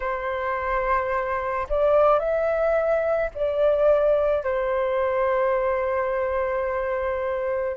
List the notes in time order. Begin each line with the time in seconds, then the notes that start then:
0.00 C5
1.69 D5
2.19 E5
3.34 D5
4.43 C5